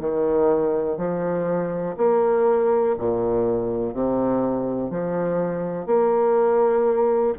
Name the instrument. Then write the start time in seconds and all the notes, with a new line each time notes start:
bassoon
0.00 D#3
0.98 F3
1.98 A#3
2.99 A#2
3.94 C3
4.91 F3
5.87 A#3